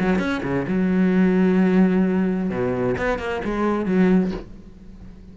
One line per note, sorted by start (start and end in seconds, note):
0.00 0.19 F#3
0.19 0.42 C#4
0.44 0.66 C#3
0.68 2.50 F#3
2.50 2.96 B2
2.98 3.19 B3
3.19 3.42 A#3
3.45 3.86 G#3
3.86 4.32 F#3